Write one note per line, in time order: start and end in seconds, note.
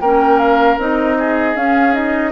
0.00 0.78 A#3
0.00 0.79 C#4
0.00 1.18 A#4
0.00 0.39 G5
0.39 0.78 F5
0.78 1.55 C4
0.78 1.56 D#4
0.78 1.56 D#5
1.18 2.31 G#4
1.55 2.31 C#4
1.55 1.93 C#4
1.55 1.94 F5
1.93 2.31 D#4
1.93 2.31 D#5